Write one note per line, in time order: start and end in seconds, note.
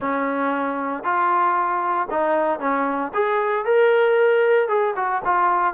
0.00 1.03 C#4
1.03 2.08 F4
2.10 2.59 D#4
2.59 3.11 C#4
3.14 3.65 G#4
3.65 4.68 A#4
4.68 4.94 G#4
4.95 5.22 F#4
5.25 5.74 F4